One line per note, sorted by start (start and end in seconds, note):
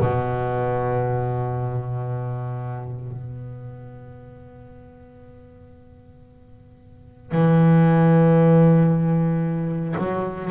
0.00 3.12 B2
3.12 7.32 B3
7.32 9.95 E3
9.98 10.51 F#3